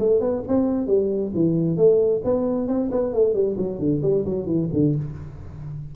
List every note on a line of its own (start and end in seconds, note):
0.00 0.21 A3
0.21 0.43 B3
0.48 0.88 C4
0.88 1.32 G3
1.35 1.77 E3
1.77 2.22 A3
2.25 2.68 B3
2.68 2.91 C4
2.92 3.14 B3
3.14 3.34 A3
3.34 3.57 G3
3.58 3.80 F#3
3.80 4.02 D3
4.03 4.25 G3
4.25 4.47 F#3
4.47 4.69 E3
4.73 4.96 D3